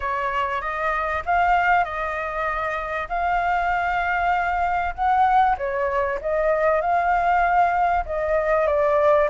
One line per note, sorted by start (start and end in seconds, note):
0.00 0.61 C#5
0.61 1.23 D#5
1.25 1.84 F5
1.84 3.08 D#5
3.08 4.94 F5
4.94 5.56 F#5
5.57 6.19 C#5
6.21 6.81 D#5
6.81 8.04 F5
8.05 8.67 D#5
8.67 9.28 D5